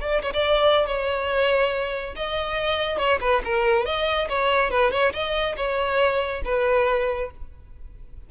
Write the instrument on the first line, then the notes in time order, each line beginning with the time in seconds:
violin
0.00 D5
0.22 C#5
0.33 D5
0.86 C#5
2.15 D#5
2.97 C#5
3.20 B4
3.44 A#4
3.85 D#5
4.29 C#5
4.70 B4
4.91 C#5
5.13 D#5
5.56 C#5
6.44 B4